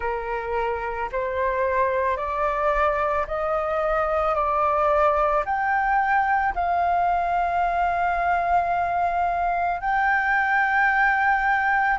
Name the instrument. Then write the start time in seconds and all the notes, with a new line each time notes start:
flute
0.00 A#4
1.12 C5
2.17 D5
3.27 D#5
4.34 D5
5.45 G5
6.55 F5
9.80 G5